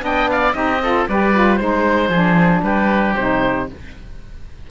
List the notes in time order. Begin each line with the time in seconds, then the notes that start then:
0.00 B3 D4 D#5 G5
0.30 D5 F5
0.52 C4 D#4 G4 D#5
0.82 F4 A4
1.08 G3 G4 B4 D5
1.33 F4
1.56 G#3 D#4 C5
2.09 F3 D4 G#4
2.62 G3 G4 B4
3.15 C3 D#4 C5